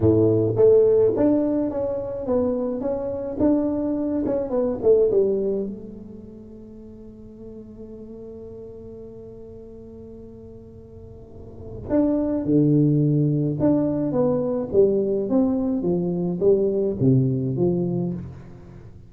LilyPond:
\new Staff \with { instrumentName = "tuba" } { \time 4/4 \tempo 4 = 106 a,4 a4 d'4 cis'4 | b4 cis'4 d'4. cis'8 | b8 a8 g4 a2~ | a1~ |
a1~ | a4 d'4 d2 | d'4 b4 g4 c'4 | f4 g4 c4 f4 | }